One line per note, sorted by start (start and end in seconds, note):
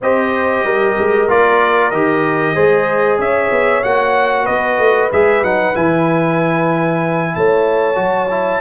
0.01 0.63 C4
0.01 1.28 G4
0.01 0.65 C5
0.01 1.30 D#5
0.63 0.95 G3
0.63 2.55 A#4
0.98 1.29 G#3
1.28 1.92 A#3
1.28 1.92 F4
1.28 1.90 D5
1.90 2.55 D#3
1.90 2.55 G4
1.90 3.18 D#5
2.55 3.18 G#3
2.55 3.83 G#4
2.55 3.18 C5
3.18 3.50 C#4
3.18 4.44 C#5
3.18 3.83 E5
3.51 3.82 B3
3.83 4.48 A#3
3.83 5.10 F#4
3.83 4.46 F#5
4.44 4.78 B3
4.44 7.31 B4
4.44 5.09 D#5
4.78 5.10 A3
5.12 5.42 G#3
5.12 5.43 G#4
5.12 5.44 E5
5.42 5.74 F#3
5.42 5.74 D#4
5.42 5.75 F#5
5.74 7.35 E3
5.74 7.95 E4
5.74 7.35 G#5
7.35 7.97 A3
7.35 8.60 C#5
7.35 8.60 A5
7.95 8.60 F#3
7.95 8.27 F#4
8.30 8.60 E4